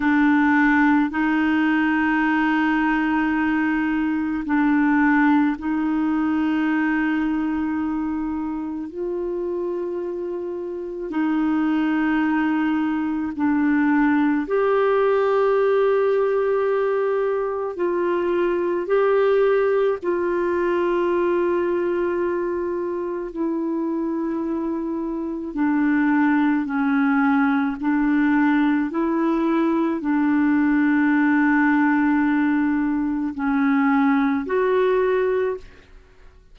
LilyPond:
\new Staff \with { instrumentName = "clarinet" } { \time 4/4 \tempo 4 = 54 d'4 dis'2. | d'4 dis'2. | f'2 dis'2 | d'4 g'2. |
f'4 g'4 f'2~ | f'4 e'2 d'4 | cis'4 d'4 e'4 d'4~ | d'2 cis'4 fis'4 | }